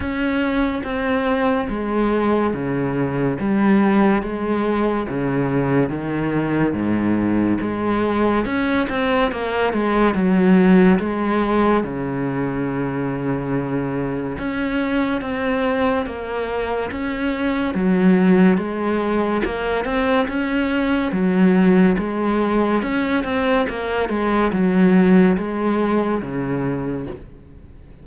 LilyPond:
\new Staff \with { instrumentName = "cello" } { \time 4/4 \tempo 4 = 71 cis'4 c'4 gis4 cis4 | g4 gis4 cis4 dis4 | gis,4 gis4 cis'8 c'8 ais8 gis8 | fis4 gis4 cis2~ |
cis4 cis'4 c'4 ais4 | cis'4 fis4 gis4 ais8 c'8 | cis'4 fis4 gis4 cis'8 c'8 | ais8 gis8 fis4 gis4 cis4 | }